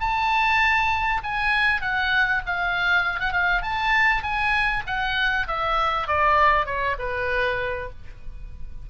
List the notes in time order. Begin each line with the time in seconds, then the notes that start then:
0.00 A5
1.23 G#5
1.81 F#5
2.46 F5
3.20 F#5
3.33 F5
3.62 A5
4.23 G#5
4.87 F#5
5.47 E5
6.07 D5
6.66 C#5
6.99 B4